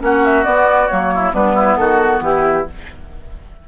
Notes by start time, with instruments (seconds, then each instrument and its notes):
0.00 bassoon A#3, clarinet C#4, oboe F#4, flute F#5
0.24 flute E5
0.44 clarinet B3, bassoon B3, flute D5
0.87 bassoon F#3, clarinet A#3, flute C#5
1.14 oboe E4
1.33 bassoon G3, clarinet B3, oboe D4, flute B4
1.55 oboe E4
1.77 bassoon D#3, oboe F#4, flute A4
2.20 bassoon E3, oboe E4, flute G4